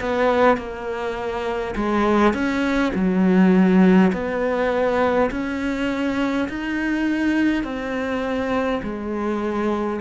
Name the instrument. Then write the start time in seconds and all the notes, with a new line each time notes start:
cello
0.00 B3
0.58 A#3
1.76 G#3
2.34 C#4
2.95 F#3
4.13 B3
5.31 C#4
6.49 D#4
7.64 C4
8.83 G#3